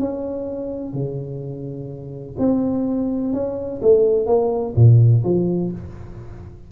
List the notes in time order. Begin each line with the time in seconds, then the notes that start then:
0.00 C#4
0.93 C#3
2.39 C4
3.33 C#4
3.82 A3
4.26 A#3
4.76 A#2
5.24 F3